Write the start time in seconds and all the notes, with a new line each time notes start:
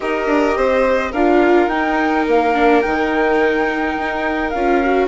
0.00 D#4 G4 A#4 D#5
0.26 D4
0.56 C4 C5
1.11 D4 F4 A#4 F5
1.67 D#4 G5
2.27 A#3 F5
2.54 D4
2.81 D#3 D#4 G5
3.96 D#4
4.49 C#4 F4 F5
4.83 F#4